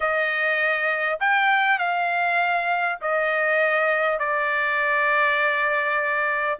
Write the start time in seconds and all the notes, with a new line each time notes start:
0.00 D#5
1.19 G5
1.78 F5
3.01 D#5
4.19 D5